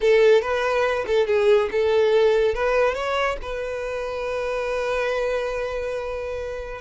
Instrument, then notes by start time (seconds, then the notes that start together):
violin
0.01 A4
0.41 B4
1.06 A4
1.26 G#4
1.71 A4
2.54 B4
2.94 C#5
3.42 B4